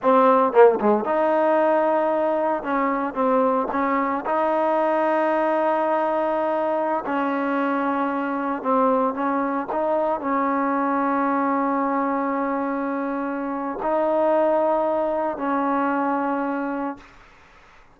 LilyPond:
\new Staff \with { instrumentName = "trombone" } { \time 4/4 \tempo 4 = 113 c'4 ais8 gis8 dis'2~ | dis'4 cis'4 c'4 cis'4 | dis'1~ | dis'4~ dis'16 cis'2~ cis'8.~ |
cis'16 c'4 cis'4 dis'4 cis'8.~ | cis'1~ | cis'2 dis'2~ | dis'4 cis'2. | }